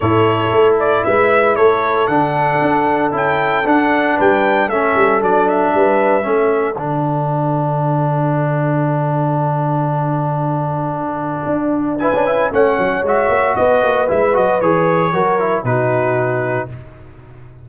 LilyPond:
<<
  \new Staff \with { instrumentName = "trumpet" } { \time 4/4 \tempo 4 = 115 cis''4. d''8 e''4 cis''4 | fis''2 g''4 fis''4 | g''4 e''4 d''8 e''4.~ | e''4 fis''2.~ |
fis''1~ | fis''2. gis''4 | fis''4 e''4 dis''4 e''8 dis''8 | cis''2 b'2 | }
  \new Staff \with { instrumentName = "horn" } { \time 4/4 a'2 b'4 a'4~ | a'1 | b'4 a'2 b'4 | a'1~ |
a'1~ | a'2. b'4 | cis''2 b'2~ | b'4 ais'4 fis'2 | }
  \new Staff \with { instrumentName = "trombone" } { \time 4/4 e'1 | d'2 e'4 d'4~ | d'4 cis'4 d'2 | cis'4 d'2.~ |
d'1~ | d'2. e'16 d'16 e'8 | cis'4 fis'2 e'8 fis'8 | gis'4 fis'8 e'8 dis'2 | }
  \new Staff \with { instrumentName = "tuba" } { \time 4/4 a,4 a4 gis4 a4 | d4 d'4 cis'4 d'4 | g4 a8 g8 fis4 g4 | a4 d2.~ |
d1~ | d2 d'4~ d'16 cis'8. | a8 fis8 gis8 ais8 b8 ais8 gis8 fis8 | e4 fis4 b,2 | }
>>